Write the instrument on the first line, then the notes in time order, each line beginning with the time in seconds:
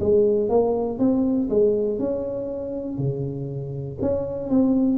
tuba
0.00 G#3
0.49 A#3
0.99 C4
1.50 G#3
1.99 C#4
2.98 C#3
4.01 C#4
4.50 C4